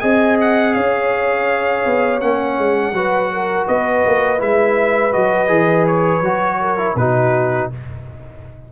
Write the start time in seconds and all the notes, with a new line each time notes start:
0.00 C4 G#4 D#5 G#5
0.41 F#5
0.74 C#4 C#5 F5
1.86 B3
2.21 A#3 C#4 F#5
2.58 G#3
2.92 F#3 F#4 B4
3.33 A#4
3.67 B3 B4 D#5
4.05 A#3
4.38 G#3 E4 E5
5.12 F#3 F#4 D#5
5.48 E3 G#4
5.87 C#5
6.21 F#3 F#4
6.61 A#4
6.78 E4
6.96 B2 D#4 F#4 B4